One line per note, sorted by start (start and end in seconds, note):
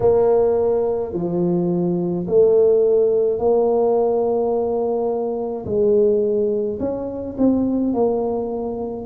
0.00 1.13 A#3
1.13 2.26 F3
2.27 3.39 A3
3.39 5.65 A#3
5.65 6.78 G#3
6.79 7.36 C#4
7.38 7.93 C4
7.93 9.06 A#3